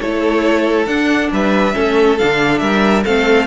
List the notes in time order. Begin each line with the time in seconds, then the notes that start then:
0.00 A3 E4 A4 C#5
0.87 D4 F#5
1.32 G3 B4 E5
1.74 A3 C#4 A4
2.18 D3 D4 F5
2.59 G3 A#4 E5
3.04 A3 C4 A4 F5